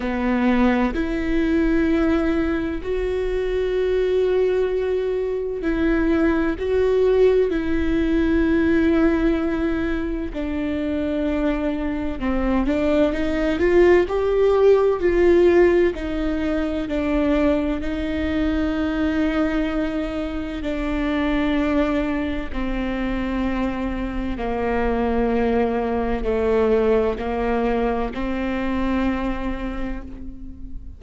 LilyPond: \new Staff \with { instrumentName = "viola" } { \time 4/4 \tempo 4 = 64 b4 e'2 fis'4~ | fis'2 e'4 fis'4 | e'2. d'4~ | d'4 c'8 d'8 dis'8 f'8 g'4 |
f'4 dis'4 d'4 dis'4~ | dis'2 d'2 | c'2 ais2 | a4 ais4 c'2 | }